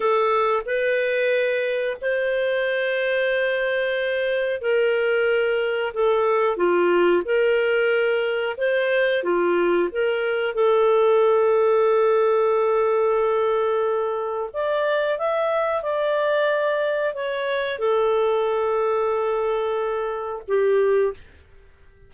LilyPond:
\new Staff \with { instrumentName = "clarinet" } { \time 4/4 \tempo 4 = 91 a'4 b'2 c''4~ | c''2. ais'4~ | ais'4 a'4 f'4 ais'4~ | ais'4 c''4 f'4 ais'4 |
a'1~ | a'2 d''4 e''4 | d''2 cis''4 a'4~ | a'2. g'4 | }